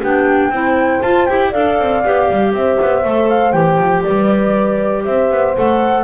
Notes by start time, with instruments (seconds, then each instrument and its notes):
0.00 double bass B3, clarinet D4, horn G4, flute G5
0.49 double bass C4, clarinet E4, horn C5
1.01 double bass F4, clarinet F4, flute A5
1.26 double bass E4, clarinet G4, flute G5
1.49 double bass D4, clarinet A4, horn D5, flute F5
1.78 double bass C4
2.04 double bass B3, clarinet G4
2.30 double bass G3
2.52 double bass C4, horn C5, flute E5
2.81 double bass B3
3.02 double bass A3, clarinet A4
3.29 flute F5
3.51 double bass E3, clarinet G4, flute G5
3.77 double bass F3
4.02 double bass G3, horn B4, flute D5
5.04 double bass C4, horn C5, flute E5
5.30 double bass B3
5.55 double bass A3, clarinet A4, flute F#5